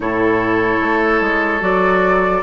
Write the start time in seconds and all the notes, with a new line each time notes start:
0.00 A2 E4 A4 C#5
0.80 A3
1.20 G#3
1.60 F#3 F#4 D5